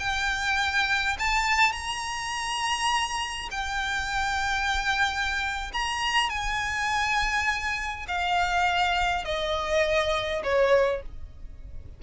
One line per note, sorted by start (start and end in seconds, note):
0.00 1.18 G5
1.20 1.73 A5
1.73 3.49 A#5
3.52 5.72 G5
5.74 6.30 A#5
6.30 8.06 G#5
8.08 9.25 F5
9.25 10.43 D#5
10.44 11.02 C#5